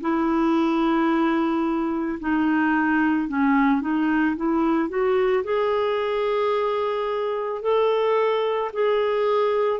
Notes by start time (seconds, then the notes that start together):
0.00 E4
2.19 D#4
3.28 C#4
3.81 D#4
4.36 E4
4.88 F#4
5.43 G#4
7.62 A4
8.73 G#4